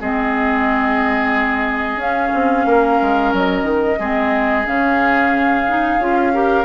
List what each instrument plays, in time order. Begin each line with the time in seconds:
0.00 bassoon G#3, clarinet C4, oboe G#4, flute D#5
1.96 bassoon C#4, clarinet C#4, flute F5
2.34 bassoon C4
2.65 bassoon A#3, oboe A#4
3.01 bassoon G#3
3.33 bassoon F#3, flute D#5
3.63 bassoon D#3
3.99 bassoon G#3, clarinet C4, oboe G#4
4.65 bassoon C#3, clarinet C#4, flute F5
5.68 clarinet D#4
5.98 bassoon C#4, clarinet F4
6.34 clarinet G4, oboe A#4